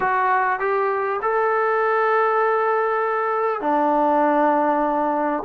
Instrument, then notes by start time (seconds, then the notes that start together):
trombone
0.00 F#4
0.59 G4
1.21 A4
3.61 D4